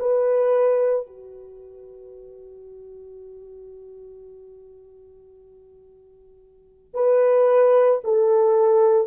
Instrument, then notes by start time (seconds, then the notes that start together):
horn
0.00 B4
1.07 F#4
6.94 B4
8.05 A4